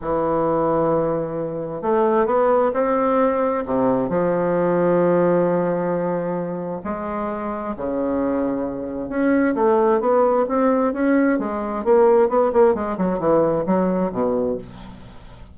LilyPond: \new Staff \with { instrumentName = "bassoon" } { \time 4/4 \tempo 4 = 132 e1 | a4 b4 c'2 | c4 f2.~ | f2. gis4~ |
gis4 cis2. | cis'4 a4 b4 c'4 | cis'4 gis4 ais4 b8 ais8 | gis8 fis8 e4 fis4 b,4 | }